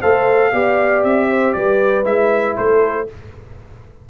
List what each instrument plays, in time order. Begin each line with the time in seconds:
0.00 tuba A3, trombone A4, horn C5, trumpet F5
0.52 tuba B3, trombone G4, horn D5
1.04 tuba C4, trumpet E5
1.30 horn C5
1.53 tuba G3, horn B4, trumpet D5
2.05 tuba G#3, trombone E4, trumpet E5
2.57 tuba A3, horn A4, trumpet C5